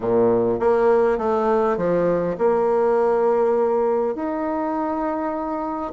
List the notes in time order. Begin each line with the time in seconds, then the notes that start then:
0.00 A#2
0.59 A#3
1.18 A3
1.77 F3
2.38 A#3
4.15 D#4